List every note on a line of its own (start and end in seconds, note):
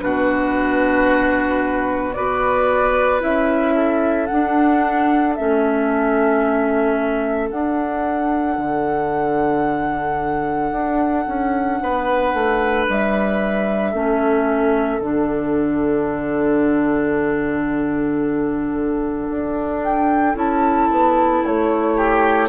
0.00 2.18 B2
0.00 2.14 D4
0.00 2.16 F#4
0.00 2.14 B4
2.14 3.23 B3
2.14 3.20 F#4
2.14 3.75 B4
2.14 3.21 D5
3.20 4.30 C#4
3.20 4.27 E4
3.20 4.27 E5
3.75 11.79 A4
4.27 5.38 D4
4.27 5.40 D4
4.27 5.34 F#5
5.35 7.52 A3
5.35 7.50 C#4
5.35 7.50 E5
7.50 13.93 D4
7.50 8.58 D4
7.50 12.86 F#5
8.58 10.72 D3
10.72 11.26 D4
11.27 11.81 C#4
11.82 12.34 B3
11.82 13.92 B4
12.34 12.87 A3
12.89 13.94 G3
12.89 15.01 E5
13.92 15.01 A3
13.92 15.01 C#4
13.92 21.96 A4
15.01 19.29 D3
15.01 20.35 D4
15.01 19.83 F#5
19.30 20.35 D4
19.83 20.36 G5
20.35 20.89 C#4
20.35 22.49 E4
20.35 21.45 A5
20.91 21.44 B3
21.45 22.49 A3
21.45 22.49 C#5
21.97 22.49 G4